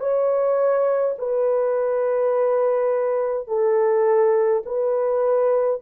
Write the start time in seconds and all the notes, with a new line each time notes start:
0.00 C#5
1.19 B4
3.48 A4
4.66 B4